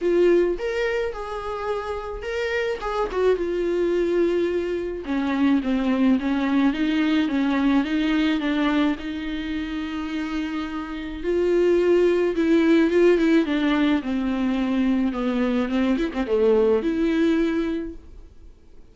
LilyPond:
\new Staff \with { instrumentName = "viola" } { \time 4/4 \tempo 4 = 107 f'4 ais'4 gis'2 | ais'4 gis'8 fis'8 f'2~ | f'4 cis'4 c'4 cis'4 | dis'4 cis'4 dis'4 d'4 |
dis'1 | f'2 e'4 f'8 e'8 | d'4 c'2 b4 | c'8 e'16 c'16 a4 e'2 | }